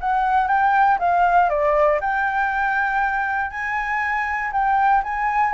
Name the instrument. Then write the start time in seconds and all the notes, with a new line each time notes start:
flute
0.00 F#5
0.47 G5
0.99 F5
1.49 D5
2.01 G5
3.51 G#5
4.52 G5
5.04 G#5